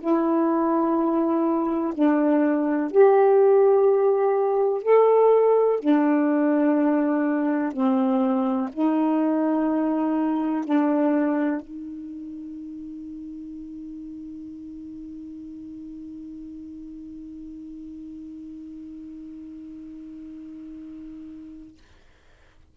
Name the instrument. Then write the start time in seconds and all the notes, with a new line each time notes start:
saxophone
0.00 E4
1.94 D4
2.91 G4
4.83 A4
5.79 D4
7.72 C4
8.73 D#4
10.65 D4
11.61 D#4